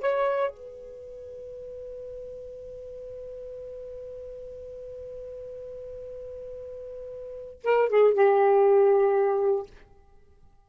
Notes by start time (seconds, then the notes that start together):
0.00 C#5
0.50 B4
7.63 A#4
7.89 G#4
8.13 G4